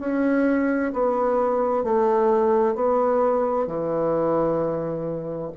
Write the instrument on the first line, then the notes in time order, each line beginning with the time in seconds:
bassoon
0.00 C#4
0.94 B3
1.84 A3
2.76 B3
3.67 E3